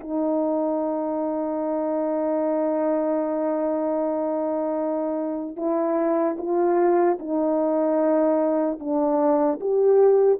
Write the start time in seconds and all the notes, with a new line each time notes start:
0.00 D#4
5.56 E4
6.38 F4
7.19 D#4
8.80 D4
9.61 G4